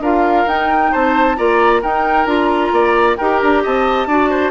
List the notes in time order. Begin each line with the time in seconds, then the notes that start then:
0.00 D4 F4 A#4 F5
0.47 D#4 G5
0.92 C4 C5 A5
1.37 A#3 F4 D5 A#5
1.82 D#4 A#4 G5
2.26 D4 F4 A#5
2.72 A#3 D5
3.17 D#4 G4 A#4 G5
3.40 D4 A#5
3.64 C4 D#5 A5
4.06 D4 F#4 D5
4.30 C5